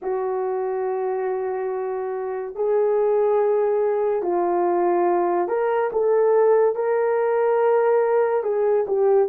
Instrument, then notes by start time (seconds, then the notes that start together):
horn
0.02 F#4
2.55 G#4
4.22 F4
5.48 A#4
5.92 A4
6.75 A#4
8.43 G#4
8.87 G4